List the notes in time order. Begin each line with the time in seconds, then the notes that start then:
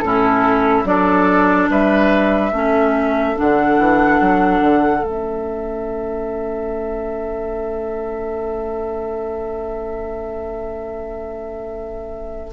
0.00 A2 C#4 E4 A4
0.85 F#3 D4 A4 D5
1.70 G3 B4 E5
2.52 A3 C#4 A4
3.36 D3 D4 F#5
3.79 E3
4.20 F#3
4.61 D3
5.02 A3 C#4 E5